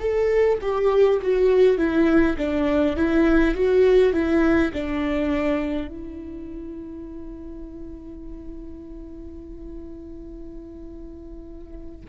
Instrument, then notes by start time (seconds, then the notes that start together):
viola
0.00 A4
0.61 G4
1.22 F#4
1.78 E4
2.37 D4
2.96 E4
3.55 F#4
4.13 E4
4.73 D4
5.88 E4